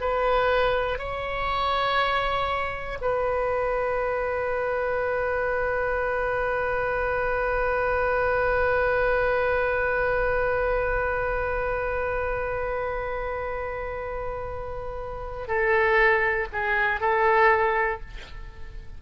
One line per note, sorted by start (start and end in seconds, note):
0.00 0.98 B4
0.98 2.98 C#5
3.00 15.47 B4
15.47 16.47 A4
16.52 17.00 G#4
17.00 18.00 A4